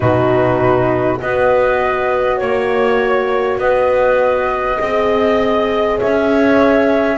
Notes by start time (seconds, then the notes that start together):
0.00 B2 D#4 F#4 B4
1.19 B3 F#4 B4 D#5
2.37 A#3 C#5
3.58 B3 B4 D#5
4.79 C4 G#4 D#5
5.98 C#4 C#5 E5